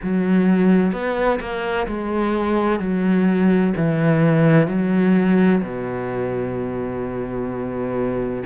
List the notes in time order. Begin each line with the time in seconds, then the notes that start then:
0.03 F#3
0.92 B3
1.39 A#3
1.87 G#3
2.79 F#3
3.76 E3
4.67 F#3
5.62 B2